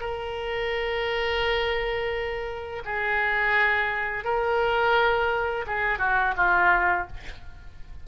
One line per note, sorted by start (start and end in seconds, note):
0.00 2.82 A#4
2.85 4.24 G#4
4.24 5.65 A#4
5.66 5.98 G#4
5.98 6.34 F#4
6.36 7.07 F4